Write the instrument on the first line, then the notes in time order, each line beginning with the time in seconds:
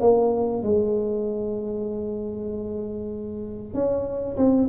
tuba
0.00 A#3
0.62 G#3
3.74 C#4
4.36 C4